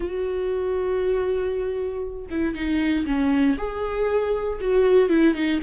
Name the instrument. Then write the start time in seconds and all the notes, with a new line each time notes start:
viola
0.00 F#4
2.30 E4
2.54 D#4
3.06 C#4
3.57 G#4
4.60 F#4
5.09 E4
5.34 D#4